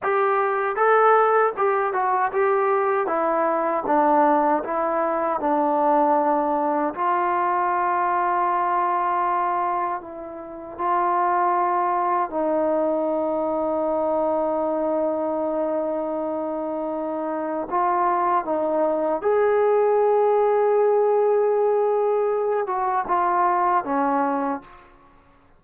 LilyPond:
\new Staff \with { instrumentName = "trombone" } { \time 4/4 \tempo 4 = 78 g'4 a'4 g'8 fis'8 g'4 | e'4 d'4 e'4 d'4~ | d'4 f'2.~ | f'4 e'4 f'2 |
dis'1~ | dis'2. f'4 | dis'4 gis'2.~ | gis'4. fis'8 f'4 cis'4 | }